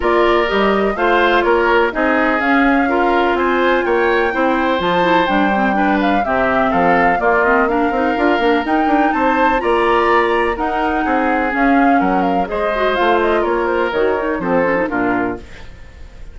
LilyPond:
<<
  \new Staff \with { instrumentName = "flute" } { \time 4/4 \tempo 4 = 125 d''4 dis''4 f''4 cis''4 | dis''4 f''2 gis''4 | g''2 a''4 g''4~ | g''8 f''8 e''4 f''4 d''8 dis''8 |
f''2 g''4 a''4 | ais''2 fis''2 | f''4 fis''8 f''8 dis''4 f''8 dis''8 | cis''8 c''8 cis''4 c''4 ais'4 | }
  \new Staff \with { instrumentName = "oboe" } { \time 4/4 ais'2 c''4 ais'4 | gis'2 ais'4 c''4 | cis''4 c''2. | b'4 g'4 a'4 f'4 |
ais'2. c''4 | d''2 ais'4 gis'4~ | gis'4 ais'4 c''2 | ais'2 a'4 f'4 | }
  \new Staff \with { instrumentName = "clarinet" } { \time 4/4 f'4 g'4 f'2 | dis'4 cis'4 f'2~ | f'4 e'4 f'8 e'8 d'8 c'8 | d'4 c'2 ais8 c'8 |
d'8 dis'8 f'8 d'8 dis'2 | f'2 dis'2 | cis'2 gis'8 fis'8 f'4~ | f'4 fis'8 dis'8 c'8 cis'16 dis'16 d'4 | }
  \new Staff \with { instrumentName = "bassoon" } { \time 4/4 ais4 g4 a4 ais4 | c'4 cis'2 c'4 | ais4 c'4 f4 g4~ | g4 c4 f4 ais4~ |
ais8 c'8 d'8 ais8 dis'8 d'8 c'4 | ais2 dis'4 c'4 | cis'4 fis4 gis4 a4 | ais4 dis4 f4 ais,4 | }
>>